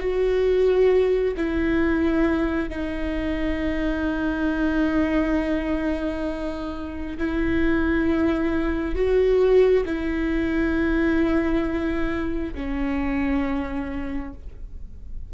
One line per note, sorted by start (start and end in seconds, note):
0.00 1.34 F#4
1.37 2.69 E4
2.69 7.17 D#4
7.18 8.95 E4
8.95 9.85 F#4
9.85 12.54 E4
12.55 14.34 C#4